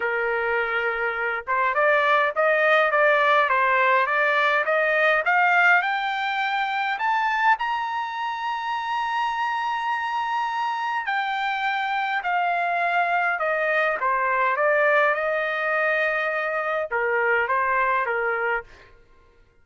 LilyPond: \new Staff \with { instrumentName = "trumpet" } { \time 4/4 \tempo 4 = 103 ais'2~ ais'8 c''8 d''4 | dis''4 d''4 c''4 d''4 | dis''4 f''4 g''2 | a''4 ais''2.~ |
ais''2. g''4~ | g''4 f''2 dis''4 | c''4 d''4 dis''2~ | dis''4 ais'4 c''4 ais'4 | }